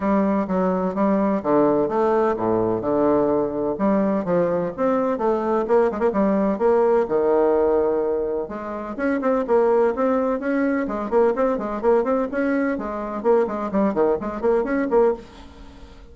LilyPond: \new Staff \with { instrumentName = "bassoon" } { \time 4/4 \tempo 4 = 127 g4 fis4 g4 d4 | a4 a,4 d2 | g4 f4 c'4 a4 | ais8 gis16 ais16 g4 ais4 dis4~ |
dis2 gis4 cis'8 c'8 | ais4 c'4 cis'4 gis8 ais8 | c'8 gis8 ais8 c'8 cis'4 gis4 | ais8 gis8 g8 dis8 gis8 ais8 cis'8 ais8 | }